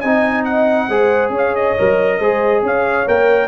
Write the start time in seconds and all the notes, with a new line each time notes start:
0.00 C4 D#4 D#5 G#5
0.44 F#5
0.89 G#3 G#4 C5
1.29 C#4 C#5
1.37 F5
1.55 D#5
1.78 F#3 A#4
2.19 G#3 G#4 C5
2.62 C#4 C#5 F5
3.06 A#3 A#4 G5